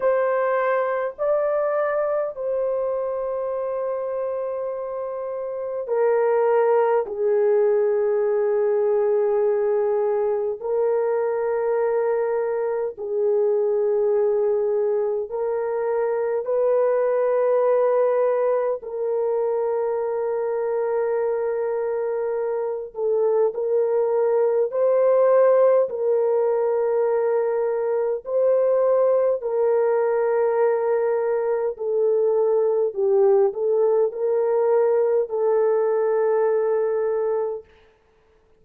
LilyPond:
\new Staff \with { instrumentName = "horn" } { \time 4/4 \tempo 4 = 51 c''4 d''4 c''2~ | c''4 ais'4 gis'2~ | gis'4 ais'2 gis'4~ | gis'4 ais'4 b'2 |
ais'2.~ ais'8 a'8 | ais'4 c''4 ais'2 | c''4 ais'2 a'4 | g'8 a'8 ais'4 a'2 | }